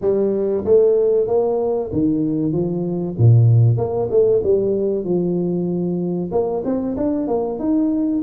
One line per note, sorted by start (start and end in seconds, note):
0.01 0.64 G3
0.64 1.27 A3
1.27 1.90 A#3
1.92 2.52 D#3
2.52 3.15 F3
3.18 3.77 A#2
3.77 4.08 A#3
4.10 4.42 A3
4.43 5.04 G3
5.04 6.30 F3
6.31 6.63 A#3
6.64 6.96 C4
6.96 7.27 D4
7.27 7.59 A#3
7.59 8.22 D#4